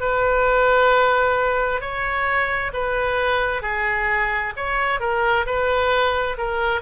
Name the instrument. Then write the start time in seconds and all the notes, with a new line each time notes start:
oboe
0.00 B4
1.81 C#5
2.73 B4
3.62 G#4
4.56 C#5
5.00 A#4
5.46 B4
6.38 A#4